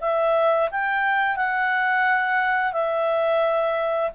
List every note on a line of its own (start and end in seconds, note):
0.00 0.69 E5
0.71 1.36 G5
1.36 2.72 F#5
2.72 4.10 E5